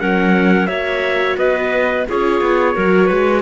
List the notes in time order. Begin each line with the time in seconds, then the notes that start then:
0.00 F#3 C#4 A#4 F#5
0.67 A#3 F#4 C#5 E5
1.38 B3 B4 D#5
2.08 C#4 F4 G#4 C#5
2.41 B3
2.75 F#3 F#4 A#4
3.06 G#3 B4